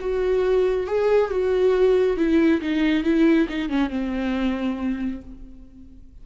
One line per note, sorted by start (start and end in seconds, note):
0.00 0.87 F#4
0.87 1.31 G#4
1.31 2.17 F#4
2.17 2.61 E4
2.61 3.04 D#4
3.04 3.48 E4
3.49 3.69 D#4
3.69 3.90 C#4
3.90 5.21 C4